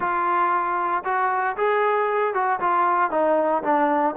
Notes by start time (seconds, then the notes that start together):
0.00 F4
1.04 F#4
1.56 G#4
2.33 F#4
2.60 F4
3.11 D#4
3.63 D4